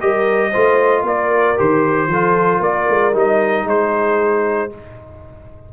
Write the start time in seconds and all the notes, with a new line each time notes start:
0.00 G3 G4 A#4 D#5
0.50 A3 F4 C5
1.02 A#3 A#4 D5
1.56 D#3 G4 C5
2.07 F3 F4 A4
2.60 A#3 A#4 D5
2.89 G#3
3.13 G3 D#4 D#5
3.64 G#3 G#4 C5